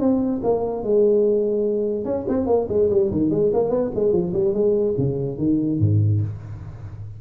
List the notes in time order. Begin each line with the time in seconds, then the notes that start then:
0.00 C4
0.43 A#3
0.83 G#3
2.05 C#4
2.28 C4
2.47 A#3
2.69 G#3
2.90 G3
3.11 D#3
3.31 G#3
3.53 A#3
3.70 B3
3.95 G#3
4.12 F3
4.34 G3
4.54 G#3
4.98 C#3
5.38 D#3
5.80 G#2